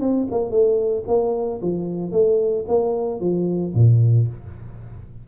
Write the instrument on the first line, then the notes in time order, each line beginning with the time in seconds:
tuba
0.00 C4
0.31 A#3
0.50 A3
1.07 A#3
1.61 F3
2.11 A3
2.68 A#3
3.20 F3
3.74 A#2